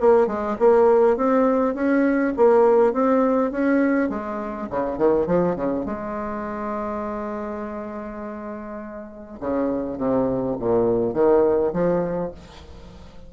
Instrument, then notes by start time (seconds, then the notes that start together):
bassoon
0.00 A#3
0.27 G#3
0.59 A#3
1.17 C4
1.75 C#4
2.37 A#3
2.93 C4
3.51 C#4
4.09 G#3
4.70 C#3
4.98 D#3
5.27 F3
5.56 C#3
5.86 G#3
9.40 C#3
9.98 C3
10.59 A#2
11.14 D#3
11.73 F3